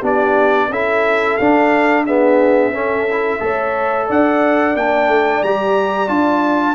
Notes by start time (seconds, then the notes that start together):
0.00 B3 D4 G4
0.06 D5
0.70 C#4 E4 A4 E5
1.37 D4 F5
2.06 B3 G#4 E5
2.72 C#4 A4
3.11 E4
3.40 A3 A4 C#5
4.08 D4 D5 F#5
4.76 A#3 D4 G5
5.08 A3
5.43 G3 G4 A#5
6.08 D4 F4 A5